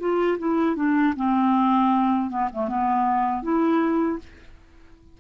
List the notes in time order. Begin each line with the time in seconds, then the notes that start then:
0.00 F4
0.39 E4
0.76 D4
1.16 C4
2.30 B3
2.53 A3
2.69 B3
3.43 E4